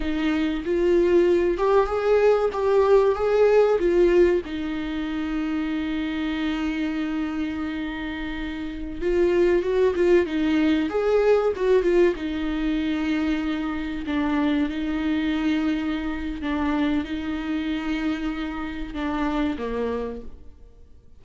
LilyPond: \new Staff \with { instrumentName = "viola" } { \time 4/4 \tempo 4 = 95 dis'4 f'4. g'8 gis'4 | g'4 gis'4 f'4 dis'4~ | dis'1~ | dis'2~ dis'16 f'4 fis'8 f'16~ |
f'16 dis'4 gis'4 fis'8 f'8 dis'8.~ | dis'2~ dis'16 d'4 dis'8.~ | dis'2 d'4 dis'4~ | dis'2 d'4 ais4 | }